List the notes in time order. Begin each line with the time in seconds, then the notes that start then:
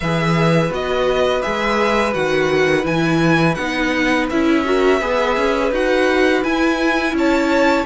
0.00 E3 G#4 B4 E5
0.70 B3 F#4 D#5
1.42 G#3 G#4 E5
2.13 D#3 F#4 F#5
2.82 E3 E4 G#5
3.54 B3 D#4 F#5
4.29 C#4 E4 E5
4.64 F#4 A#4
5.00 B3 G#4 B4
5.36 C#4
5.71 D#4 F#4 F#5
6.43 E4 G#5
7.12 C#4 C#5 A5